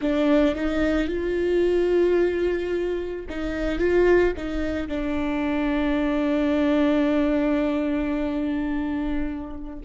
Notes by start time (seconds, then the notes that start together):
0.01 D4
0.55 D#4
1.07 F4
3.29 D#4
3.78 F4
4.37 D#4
4.87 D4